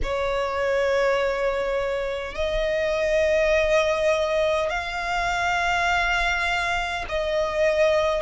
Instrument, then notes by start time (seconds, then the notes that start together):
violin
0.03 C#5
2.35 D#5
4.70 F5
7.09 D#5